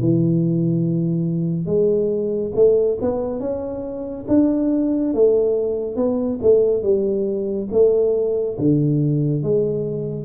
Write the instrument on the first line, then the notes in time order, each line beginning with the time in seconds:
tuba
0.00 E3
1.66 G#3
2.55 A3
3.02 B3
3.40 C#4
4.28 D4
5.14 A3
5.96 B3
6.42 A3
6.83 G3
7.72 A3
8.59 D3
9.43 G#3